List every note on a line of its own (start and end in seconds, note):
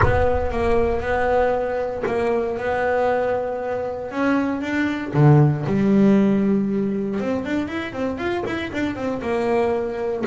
0.03 0.51 B3
0.51 1.00 A#3
1.00 2.03 B3
2.06 2.57 A#3
2.57 4.11 B3
4.11 4.61 C#4
4.61 5.12 D4
5.13 5.65 D3
5.66 7.20 G3
7.20 7.45 C4
7.45 7.67 D4
7.67 7.93 E4
7.93 8.18 C4
8.18 8.43 F4
8.45 8.71 E4
8.72 8.95 D4
8.95 9.21 C4
9.21 10.24 A#3